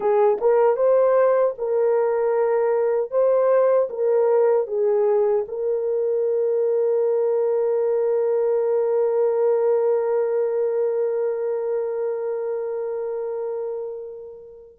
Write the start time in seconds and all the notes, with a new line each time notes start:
0.00 G#4
0.40 A#4
0.76 C5
1.58 A#4
3.10 C5
3.89 A#4
4.67 G#4
5.48 A#4